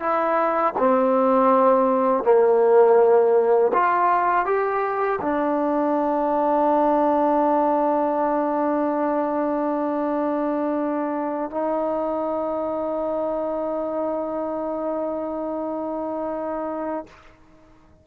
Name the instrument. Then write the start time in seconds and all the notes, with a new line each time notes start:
trombone
0.00 E4
0.78 C4
2.24 A#3
3.74 F4
4.45 G4
5.22 D4
11.51 D#4